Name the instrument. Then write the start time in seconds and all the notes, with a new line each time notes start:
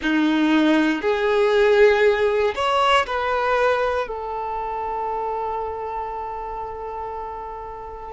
violin
0.02 D#4
1.01 G#4
2.55 C#5
3.06 B4
4.07 A4